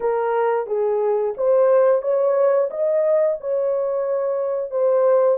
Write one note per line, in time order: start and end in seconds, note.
0.00 0.66 A#4
0.66 1.34 G#4
1.37 2.02 C5
2.02 2.69 C#5
2.70 3.37 D#5
3.40 4.70 C#5
4.70 5.38 C5